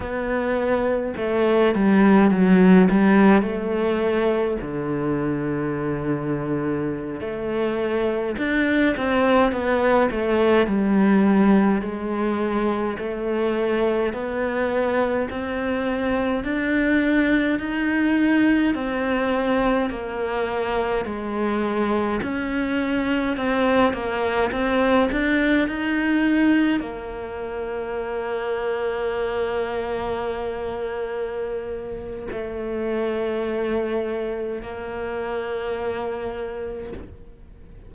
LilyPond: \new Staff \with { instrumentName = "cello" } { \time 4/4 \tempo 4 = 52 b4 a8 g8 fis8 g8 a4 | d2~ d16 a4 d'8 c'16~ | c'16 b8 a8 g4 gis4 a8.~ | a16 b4 c'4 d'4 dis'8.~ |
dis'16 c'4 ais4 gis4 cis'8.~ | cis'16 c'8 ais8 c'8 d'8 dis'4 ais8.~ | ais1 | a2 ais2 | }